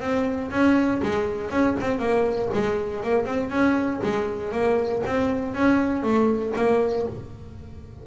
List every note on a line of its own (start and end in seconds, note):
0.00 0.50 C4
0.51 1.01 C#4
1.02 1.51 G#3
1.51 1.76 C#4
1.80 1.99 C4
1.99 2.49 A#3
2.54 3.03 G#3
3.03 3.25 A#3
3.25 3.50 C4
3.50 4.01 C#4
4.03 4.52 G#3
4.52 5.03 A#3
5.06 5.54 C4
5.54 6.03 C#4
6.03 6.53 A3
6.56 7.06 A#3